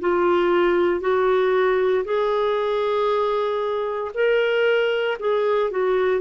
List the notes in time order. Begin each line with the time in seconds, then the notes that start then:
0.00 F4
1.00 F#4
2.04 G#4
4.14 A#4
5.19 G#4
5.70 F#4